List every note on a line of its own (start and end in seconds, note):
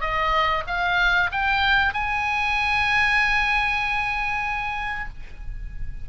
0.00 0.63 D#5
0.67 1.30 F5
1.31 1.93 G5
1.93 5.09 G#5